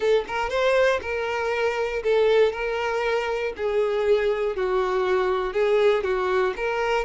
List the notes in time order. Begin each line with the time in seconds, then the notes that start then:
0.00 A4
0.27 A#4
0.49 C5
1.01 A#4
2.03 A4
2.52 A#4
3.56 G#4
4.55 F#4
5.53 G#4
6.03 F#4
6.56 A#4